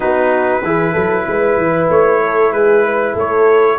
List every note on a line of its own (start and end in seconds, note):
0.00 0.62 B3
0.00 0.62 D#4
0.00 0.62 F#4
0.00 1.90 B4
0.62 0.94 E3
0.62 3.79 E4
0.62 0.92 G#4
0.92 1.26 F#3
0.92 1.24 A4
1.27 1.57 G#3
1.27 2.23 B4
1.57 1.88 E3
1.89 2.51 A3
1.89 2.52 C#5
2.24 2.53 A4
2.51 3.14 G#3
2.51 2.84 G#4
2.51 3.15 B4
2.84 3.13 B4
3.13 3.78 A3
3.13 3.76 A4
3.13 3.79 C#5